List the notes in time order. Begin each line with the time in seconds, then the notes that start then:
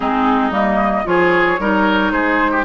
0.00 G#3 C4 D#4 G#4
0.50 G3 A#3 D#5
1.04 F3 F4 G#4 C#5
1.59 G3 D#4 A#4
2.11 G#3 G#4 C5
2.51 G4